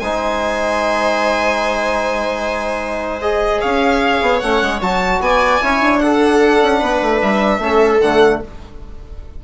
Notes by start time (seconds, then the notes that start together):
0.00 G#3 D#4 C5 G#5
3.22 G#4 D#5
3.61 C#4 C#5 F5
4.22 B3
4.40 A3 C#4 F#5
4.62 G#3
4.81 F#3 F#4 A5
5.20 B3 D5 G#5
5.62 C#4 E4 C#5
5.81 D4
5.99 D4 A4 F#5
6.63 C#4
6.80 B3 B4
7.02 A3
7.22 G3 E5
7.59 A3 C#4 A4
8.01 D3 A3 F#5